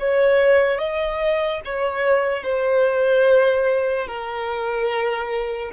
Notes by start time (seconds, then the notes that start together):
0.00 C#5
0.79 D#5
1.66 C#5
2.44 C5
4.08 A#4